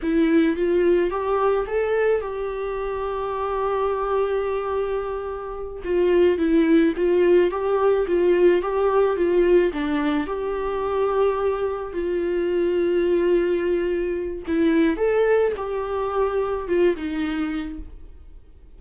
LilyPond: \new Staff \with { instrumentName = "viola" } { \time 4/4 \tempo 4 = 108 e'4 f'4 g'4 a'4 | g'1~ | g'2~ g'8 f'4 e'8~ | e'8 f'4 g'4 f'4 g'8~ |
g'8 f'4 d'4 g'4.~ | g'4. f'2~ f'8~ | f'2 e'4 a'4 | g'2 f'8 dis'4. | }